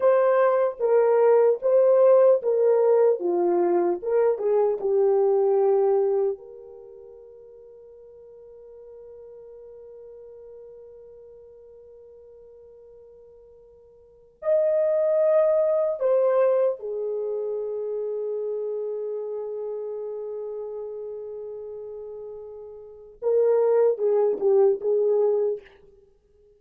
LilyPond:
\new Staff \with { instrumentName = "horn" } { \time 4/4 \tempo 4 = 75 c''4 ais'4 c''4 ais'4 | f'4 ais'8 gis'8 g'2 | ais'1~ | ais'1~ |
ais'2 dis''2 | c''4 gis'2.~ | gis'1~ | gis'4 ais'4 gis'8 g'8 gis'4 | }